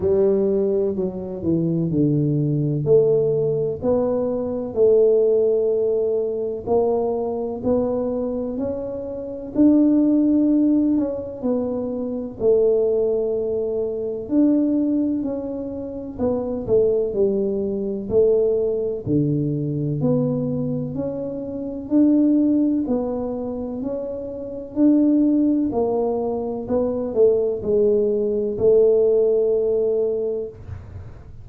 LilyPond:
\new Staff \with { instrumentName = "tuba" } { \time 4/4 \tempo 4 = 63 g4 fis8 e8 d4 a4 | b4 a2 ais4 | b4 cis'4 d'4. cis'8 | b4 a2 d'4 |
cis'4 b8 a8 g4 a4 | d4 b4 cis'4 d'4 | b4 cis'4 d'4 ais4 | b8 a8 gis4 a2 | }